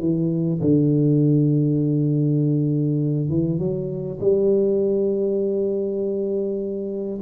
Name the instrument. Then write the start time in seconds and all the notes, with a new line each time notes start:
tuba
0.00 E3
0.61 D3
3.29 E3
3.59 F#3
4.21 G3